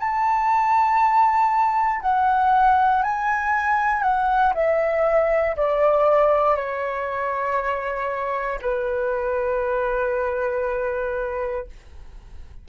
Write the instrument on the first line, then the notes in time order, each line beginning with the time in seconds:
flute
0.00 A5
2.02 F#5
3.03 G#5
4.03 F#5
4.55 E5
5.57 D5
6.56 C#5
8.62 B4